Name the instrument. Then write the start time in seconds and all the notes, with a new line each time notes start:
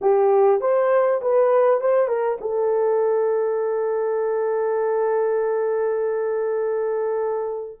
horn
0.01 G4
0.61 C5
1.21 B4
1.80 C5
2.08 A#4
2.40 A4